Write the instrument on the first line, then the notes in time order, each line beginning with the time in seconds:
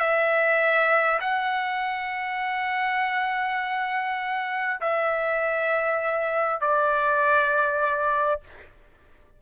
trumpet
0.00 E5
1.21 F#5
4.81 E5
6.61 D5